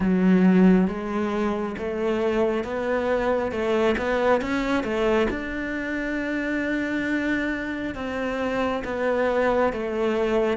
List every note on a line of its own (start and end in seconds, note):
0.00 0.87 F#3
0.87 1.75 G#3
1.77 2.64 A3
2.64 3.51 B3
3.51 3.95 A3
3.97 4.41 B3
4.41 4.83 C#4
4.83 5.27 A3
5.30 7.95 D4
7.95 8.83 C4
8.84 9.72 B3
9.73 10.57 A3